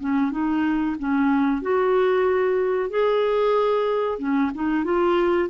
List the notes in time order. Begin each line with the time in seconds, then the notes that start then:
0.00 C#4
0.31 D#4
0.99 C#4
1.62 F#4
2.90 G#4
4.18 C#4
4.54 D#4
4.84 F4